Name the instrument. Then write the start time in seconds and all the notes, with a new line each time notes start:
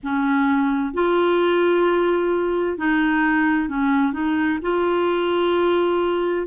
clarinet
0.03 C#4
0.93 F4
2.77 D#4
3.68 C#4
4.12 D#4
4.62 F4